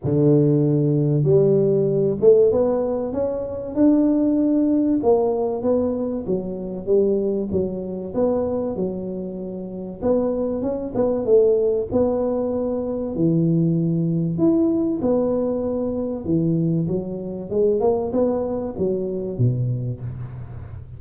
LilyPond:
\new Staff \with { instrumentName = "tuba" } { \time 4/4 \tempo 4 = 96 d2 g4. a8 | b4 cis'4 d'2 | ais4 b4 fis4 g4 | fis4 b4 fis2 |
b4 cis'8 b8 a4 b4~ | b4 e2 e'4 | b2 e4 fis4 | gis8 ais8 b4 fis4 b,4 | }